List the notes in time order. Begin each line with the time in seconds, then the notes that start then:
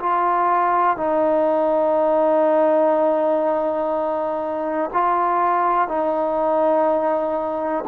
0.00 F4
0.97 D#4
4.94 F4
5.88 D#4